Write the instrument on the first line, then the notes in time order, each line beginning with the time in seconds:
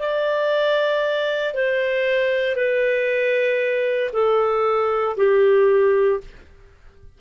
clarinet
0.00 D5
1.54 C5
2.56 B4
4.13 A4
5.17 G4